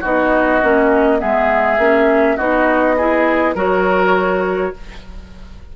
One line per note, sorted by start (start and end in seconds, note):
0.00 0.62 B3
0.00 0.62 D#4
0.00 1.18 F#4
0.00 1.20 D#5
0.62 1.21 A#3
0.62 1.18 C#4
1.18 1.78 G#3
1.18 1.77 B3
1.18 2.36 G#4
1.18 2.37 E5
1.78 2.37 A#3
1.78 2.38 C#4
2.36 3.55 B3
2.36 2.97 D#4
2.36 2.95 F#4
2.36 3.54 D#5
2.97 3.55 E4
2.97 3.55 G#4
3.55 4.72 F#3
3.55 4.73 F#4
3.55 4.72 A#4
3.55 4.76 C#5